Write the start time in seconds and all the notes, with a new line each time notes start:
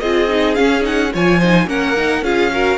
0.00 C4 F4 G#4 D#5
0.29 D#4
0.55 C#4 F5
0.82 D#4 F#5
1.13 F3 F4 C#5 G#5
1.39 D#4 C5
1.67 A#3 C#4 A#4 F#5
1.97 D#4
2.22 C#4 F4 G#4 F5
2.52 F#4 A#4